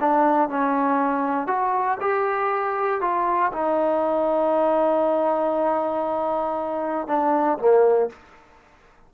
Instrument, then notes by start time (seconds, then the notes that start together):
trombone
0.00 D4
0.49 C#4
1.47 F#4
2.01 G4
3.01 F4
3.52 D#4
7.07 D4
7.58 A#3